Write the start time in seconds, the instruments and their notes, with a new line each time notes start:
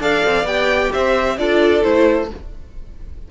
0.00 cello D4, viola A4, violin D5 F5
0.26 cello C4
0.44 cello B3, viola G4, violin G5
0.92 cello C4, violin C5 E5
1.38 cello D4, viola F4, violin A4 D5
1.83 cello A3, viola E4, violin C5